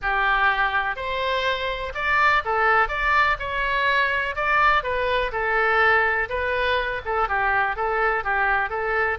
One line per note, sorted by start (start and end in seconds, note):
0.02 0.96 G4
0.96 1.92 C5
1.94 2.42 D5
2.44 2.88 A4
2.88 3.37 D5
3.39 4.35 C#5
4.35 4.83 D5
4.83 5.31 B4
5.32 6.28 A4
6.29 7.01 B4
7.05 7.28 A4
7.28 7.76 G4
7.76 8.24 A4
8.24 8.69 G4
8.69 9.17 A4